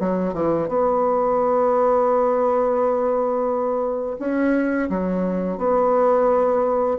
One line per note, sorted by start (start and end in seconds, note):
0.00 0.33 F#3
0.33 0.68 E3
0.68 4.17 B3
4.19 4.89 C#4
4.89 5.58 F#3
5.58 6.97 B3